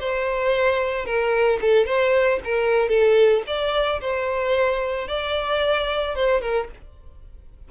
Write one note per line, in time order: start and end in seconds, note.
0.00 1.06 C5
1.06 1.59 A#4
1.61 1.86 A4
1.86 2.40 C5
2.44 2.89 A#4
2.89 3.43 A4
3.47 4.00 D5
4.01 5.08 C5
5.08 6.15 D5
6.15 6.41 C5
6.41 6.68 A#4